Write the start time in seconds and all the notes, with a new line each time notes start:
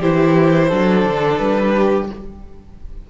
0.00 E3 E4 G4 C5
0.69 F#3 D4 A4
1.06 D3
1.38 G3 B4
1.76 G4